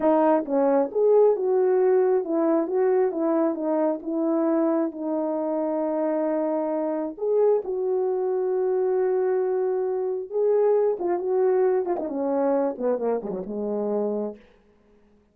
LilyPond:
\new Staff \with { instrumentName = "horn" } { \time 4/4 \tempo 4 = 134 dis'4 cis'4 gis'4 fis'4~ | fis'4 e'4 fis'4 e'4 | dis'4 e'2 dis'4~ | dis'1 |
gis'4 fis'2.~ | fis'2. gis'4~ | gis'8 f'8 fis'4. f'16 dis'16 cis'4~ | cis'8 b8 ais8 gis16 fis16 gis2 | }